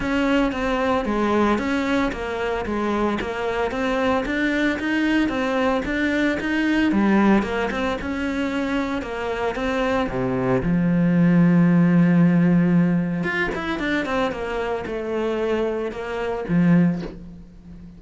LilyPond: \new Staff \with { instrumentName = "cello" } { \time 4/4 \tempo 4 = 113 cis'4 c'4 gis4 cis'4 | ais4 gis4 ais4 c'4 | d'4 dis'4 c'4 d'4 | dis'4 g4 ais8 c'8 cis'4~ |
cis'4 ais4 c'4 c4 | f1~ | f4 f'8 e'8 d'8 c'8 ais4 | a2 ais4 f4 | }